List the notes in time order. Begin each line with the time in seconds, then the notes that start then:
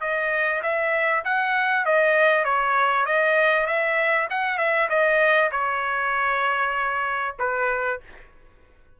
0.00 D#5
0.62 E5
1.24 F#5
1.85 D#5
2.44 C#5
3.05 D#5
3.66 E5
4.30 F#5
4.58 E5
4.89 D#5
5.51 C#5
7.39 B4